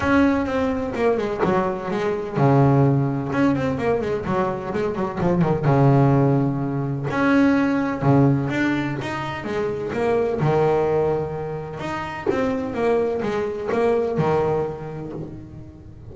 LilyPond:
\new Staff \with { instrumentName = "double bass" } { \time 4/4 \tempo 4 = 127 cis'4 c'4 ais8 gis8 fis4 | gis4 cis2 cis'8 c'8 | ais8 gis8 fis4 gis8 fis8 f8 dis8 | cis2. cis'4~ |
cis'4 cis4 d'4 dis'4 | gis4 ais4 dis2~ | dis4 dis'4 c'4 ais4 | gis4 ais4 dis2 | }